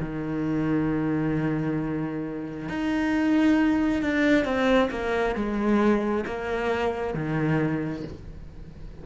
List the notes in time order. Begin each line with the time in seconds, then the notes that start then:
0.00 D#3
2.69 D#4
4.03 D4
4.45 C4
4.91 A#3
5.35 G#3
6.26 A#3
7.14 D#3